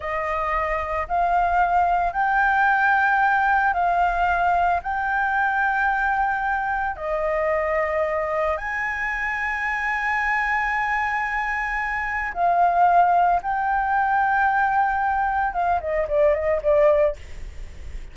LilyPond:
\new Staff \with { instrumentName = "flute" } { \time 4/4 \tempo 4 = 112 dis''2 f''2 | g''2. f''4~ | f''4 g''2.~ | g''4 dis''2. |
gis''1~ | gis''2. f''4~ | f''4 g''2.~ | g''4 f''8 dis''8 d''8 dis''8 d''4 | }